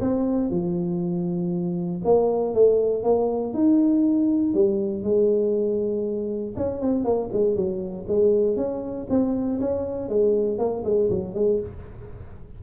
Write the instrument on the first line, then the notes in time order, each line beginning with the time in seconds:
tuba
0.00 C4
0.50 F3
2.04 A#3
2.54 A3
3.03 A#3
3.53 D#4
4.54 G3
5.03 G#3
6.56 C#4
6.81 C4
7.04 A#3
7.32 G#3
7.55 F#3
8.08 G#3
8.56 C#4
9.10 C4
9.60 C#4
10.09 G#3
10.58 A#3
10.84 G#3
11.10 F#3
11.34 G#3